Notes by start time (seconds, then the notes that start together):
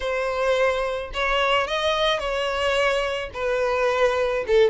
0.00 C5
1.13 C#5
1.67 D#5
2.19 C#5
3.33 B4
4.47 A4